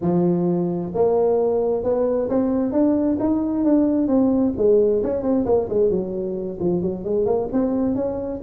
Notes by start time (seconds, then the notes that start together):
0.01 F3
0.94 A#3
1.83 B3
2.29 C4
2.71 D4
3.19 D#4
3.64 D4
4.07 C4
4.57 G#3
5.03 C#4
5.22 C4
5.45 A#3
5.69 G#3
5.90 F#3
6.60 F3
6.82 F#3
7.04 G#3
7.25 A#3
7.52 C4
7.95 C#4